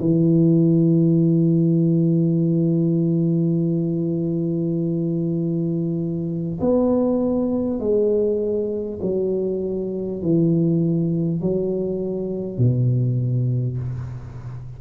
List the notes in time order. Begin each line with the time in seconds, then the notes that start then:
0.00 E3
6.61 B3
7.80 G#3
9.02 F#3
10.22 E3
11.41 F#3
12.58 B2